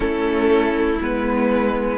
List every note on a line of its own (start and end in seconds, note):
0.00 0.98 A3
0.00 0.97 C#4
0.00 1.97 E4
0.00 0.99 A4
1.00 1.97 G#3
1.00 1.97 B3
1.00 1.97 B4